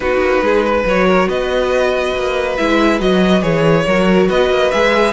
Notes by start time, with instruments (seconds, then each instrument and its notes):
0.00 cello B3, viola D#4, violin F#4 B4
0.20 cello A#3
0.41 cello G#3, violin G#4
0.65 violin B4
0.84 cello F#3, viola F#4, violin C#5
1.07 violin A#4
1.28 cello B3, violin B4 D#5
2.15 cello A#3
2.56 cello G#3, viola E4, violin E5
2.99 cello F#3, viola F#4, violin D#5
3.41 cello E3, viola G#4, violin C#5
3.86 cello F#3, viola F#4, violin A#4
4.28 cello B3, violin B4 D#5
4.49 cello A#3
4.71 cello G#3, viola G#4, violin E5